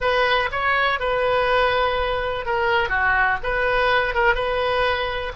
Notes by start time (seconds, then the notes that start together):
0.00 B4
0.51 C#5
0.99 B4
2.45 A#4
2.89 F#4
3.43 B4
4.14 A#4
4.34 B4